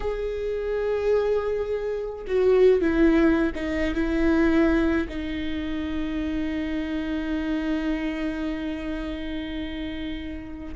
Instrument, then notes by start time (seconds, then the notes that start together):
viola
0.00 G#4
2.27 F#4
2.81 E4
3.55 D#4
3.94 E4
5.08 D#4